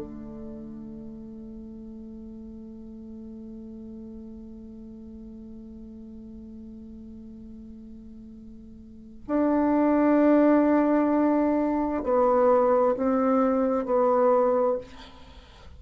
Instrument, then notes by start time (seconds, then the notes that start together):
bassoon
0.00 A3
9.27 D4
12.03 B3
12.97 C4
13.85 B3